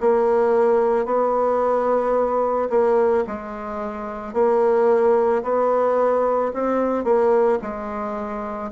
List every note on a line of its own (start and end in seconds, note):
0.00 1.05 A#3
1.05 2.69 B3
2.70 3.24 A#3
3.27 4.33 G#3
4.33 5.42 A#3
5.43 6.52 B3
6.53 7.04 C4
7.04 7.59 A#3
7.62 8.71 G#3